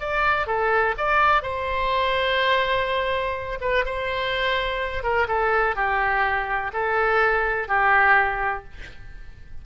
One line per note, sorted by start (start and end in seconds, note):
0.00 0.47 D5
0.47 0.95 A4
0.98 1.43 D5
1.43 3.59 C5
3.61 3.85 B4
3.85 5.03 C5
5.03 5.27 A#4
5.28 5.76 A4
5.76 6.72 G4
6.73 7.68 A4
7.68 8.64 G4